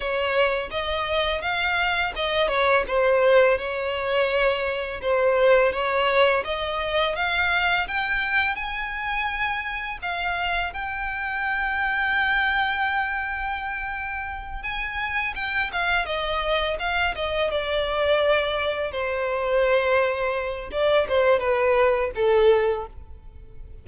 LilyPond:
\new Staff \with { instrumentName = "violin" } { \time 4/4 \tempo 4 = 84 cis''4 dis''4 f''4 dis''8 cis''8 | c''4 cis''2 c''4 | cis''4 dis''4 f''4 g''4 | gis''2 f''4 g''4~ |
g''1~ | g''8 gis''4 g''8 f''8 dis''4 f''8 | dis''8 d''2 c''4.~ | c''4 d''8 c''8 b'4 a'4 | }